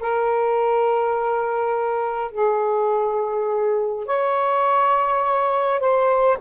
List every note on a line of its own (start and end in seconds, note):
0.00 2.31 A#4
2.31 4.06 G#4
4.06 5.79 C#5
5.79 6.38 C5